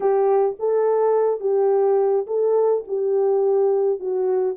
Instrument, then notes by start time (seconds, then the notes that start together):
horn
0.00 G4
0.59 A4
1.40 G4
2.26 A4
2.87 G4
3.99 F#4